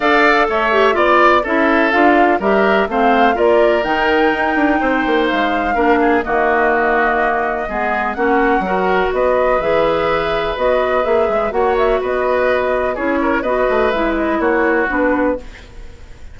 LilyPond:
<<
  \new Staff \with { instrumentName = "flute" } { \time 4/4 \tempo 4 = 125 f''4 e''4 d''4 e''4 | f''4 e''4 f''4 d''4 | g''2. f''4~ | f''4 dis''2.~ |
dis''4 fis''2 dis''4 | e''2 dis''4 e''4 | fis''8 e''8 dis''2 cis''4 | dis''4 e''8 dis''8 cis''4 b'4 | }
  \new Staff \with { instrumentName = "oboe" } { \time 4/4 d''4 cis''4 d''4 a'4~ | a'4 ais'4 c''4 ais'4~ | ais'2 c''2 | ais'8 gis'8 fis'2. |
gis'4 fis'4 ais'4 b'4~ | b'1 | cis''4 b'2 gis'8 ais'8 | b'2 fis'2 | }
  \new Staff \with { instrumentName = "clarinet" } { \time 4/4 a'4. g'8 f'4 e'4 | f'4 g'4 c'4 f'4 | dis'1 | d'4 ais2. |
b4 cis'4 fis'2 | gis'2 fis'4 gis'4 | fis'2. e'4 | fis'4 e'2 d'4 | }
  \new Staff \with { instrumentName = "bassoon" } { \time 4/4 d'4 a4 b4 cis'4 | d'4 g4 a4 ais4 | dis4 dis'8 d'8 c'8 ais8 gis4 | ais4 dis2. |
gis4 ais4 fis4 b4 | e2 b4 ais8 gis8 | ais4 b2 cis'4 | b8 a8 gis4 ais4 b4 | }
>>